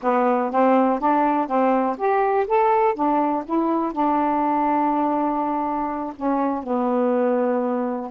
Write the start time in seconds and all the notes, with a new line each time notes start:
0.02 B3
0.51 C4
0.99 D4
1.47 C4
1.97 G4
2.47 A4
2.94 D4
3.45 E4
3.92 D4
6.16 C#4
6.63 B3